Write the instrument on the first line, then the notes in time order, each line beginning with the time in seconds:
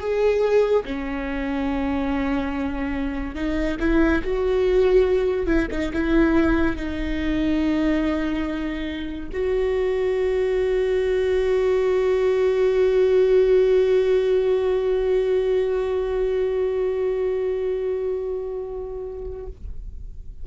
viola
0.00 G#4
0.85 C#4
3.35 D#4
3.80 E4
4.24 F#4
5.47 E4
5.71 D#4
5.93 E4
6.76 D#4
9.33 F#4